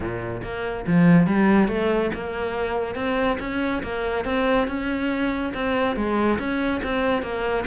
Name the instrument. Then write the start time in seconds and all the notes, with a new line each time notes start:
cello
0.00 A#2
0.43 A#3
0.86 F3
1.26 G3
1.68 A3
2.14 A#3
2.95 C4
3.39 C#4
3.82 A#3
4.24 C4
4.67 C#4
5.54 C4
5.96 G#3
6.38 C#4
6.83 C4
7.22 A#3